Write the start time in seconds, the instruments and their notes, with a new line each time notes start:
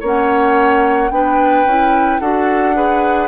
0.00 bassoon A#3, clarinet C#4, oboe C#5, flute F#5
1.10 bassoon B3, clarinet D4, oboe B4, flute G5
1.65 bassoon C#4, clarinet E4
2.20 bassoon D4, clarinet F#4, oboe A4, flute F#5
2.74 clarinet G#4, oboe B4